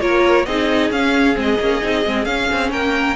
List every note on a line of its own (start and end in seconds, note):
0.00 0.46 A#3
0.00 0.45 F4
0.00 0.46 A#4
0.00 0.46 C#5
0.46 0.91 C4
0.46 0.93 D#4
0.46 2.72 G#4
0.46 0.91 D#5
0.91 1.36 C#4
0.91 1.34 C#4
0.91 1.37 F5
1.34 1.59 G#3
1.34 1.57 C4
1.41 2.25 D#5
1.60 1.82 A#3
1.60 1.82 C#4
1.82 2.06 C4
1.82 2.04 D#4
2.05 2.26 G#3
2.05 2.27 C4
2.25 2.48 C#4
2.25 3.16 C#4
2.25 2.70 F5
2.52 2.72 C4
2.72 3.16 A#3
2.72 3.16 A#4
2.72 3.16 G5